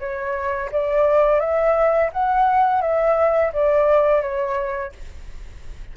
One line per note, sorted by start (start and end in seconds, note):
0.00 0.71 C#5
0.72 1.40 D5
1.40 2.11 E5
2.13 2.82 F#5
2.82 3.52 E5
3.54 4.22 D5
4.22 4.93 C#5